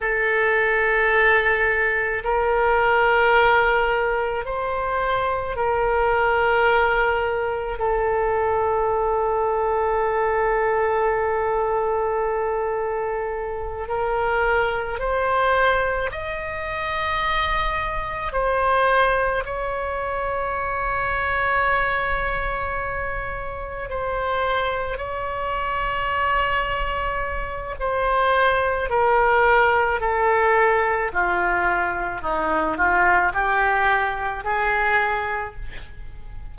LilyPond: \new Staff \with { instrumentName = "oboe" } { \time 4/4 \tempo 4 = 54 a'2 ais'2 | c''4 ais'2 a'4~ | a'1~ | a'8 ais'4 c''4 dis''4.~ |
dis''8 c''4 cis''2~ cis''8~ | cis''4. c''4 cis''4.~ | cis''4 c''4 ais'4 a'4 | f'4 dis'8 f'8 g'4 gis'4 | }